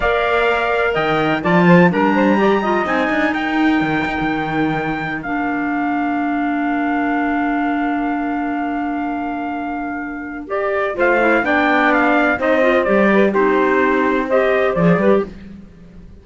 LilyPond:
<<
  \new Staff \with { instrumentName = "trumpet" } { \time 4/4 \tempo 4 = 126 f''2 g''4 a''4 | ais''2 gis''4 g''4~ | g''2. f''4~ | f''1~ |
f''1~ | f''2 d''4 f''4 | g''4 f''4 dis''4 d''4 | c''2 dis''4 d''4 | }
  \new Staff \with { instrumentName = "saxophone" } { \time 4/4 d''2 dis''4 d''8 c''8 | ais'8 c''8 d''8 dis''4. ais'4~ | ais'1~ | ais'1~ |
ais'1~ | ais'2. c''4 | d''2 c''4. b'8 | g'2 c''4. b'8 | }
  \new Staff \with { instrumentName = "clarinet" } { \time 4/4 ais'2. f'4 | d'4 g'8 f'8 dis'2~ | dis'2. d'4~ | d'1~ |
d'1~ | d'2 g'4 f'8 e'8 | d'2 dis'8 f'8 g'4 | dis'2 g'4 gis'8 g'8 | }
  \new Staff \with { instrumentName = "cello" } { \time 4/4 ais2 dis4 f4 | g2 c'8 d'8 dis'4 | dis8 dis'16 dis2~ dis16 ais4~ | ais1~ |
ais1~ | ais2. a4 | b2 c'4 g4 | c'2. f8 g8 | }
>>